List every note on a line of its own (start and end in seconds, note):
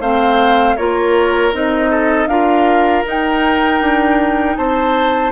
0.00 0.76 A3
0.00 0.78 C4
0.00 0.76 C5
0.00 0.77 F5
0.76 1.53 A#3
0.76 1.53 F4
0.76 1.90 A#4
0.76 1.53 C#5
1.53 2.27 C4
1.53 2.28 D#4
1.53 2.27 D#5
1.90 2.28 A4
2.27 3.03 D4
2.27 3.05 F4
2.27 4.57 A#4
2.27 3.03 F5
3.06 5.32 D#4
3.06 3.81 D#4
3.06 4.56 G5
3.81 4.57 D4
4.56 5.32 C4
4.56 5.32 C5
4.56 5.32 A5